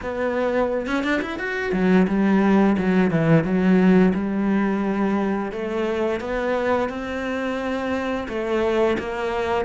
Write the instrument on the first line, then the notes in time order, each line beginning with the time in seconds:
cello
0.02 B3
0.86 C#4
1.03 D4
1.21 E4
1.39 F#4
1.72 F#3
2.07 G3
2.78 F#3
3.10 E3
3.44 F#3
4.14 G3
5.52 A3
6.20 B3
6.89 C4
8.28 A3
8.98 A#3